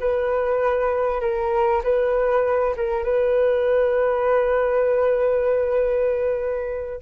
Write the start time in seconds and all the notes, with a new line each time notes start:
0.00 B4
1.21 A#4
1.83 B4
2.76 A#4
3.04 B4